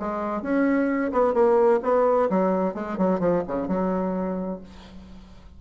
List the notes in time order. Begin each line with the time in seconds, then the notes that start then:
0.00 G#3
0.42 C#4
1.12 B3
1.34 A#3
1.83 B3
2.30 F#3
2.75 G#3
2.98 F#3
3.20 F3
3.48 C#3
3.68 F#3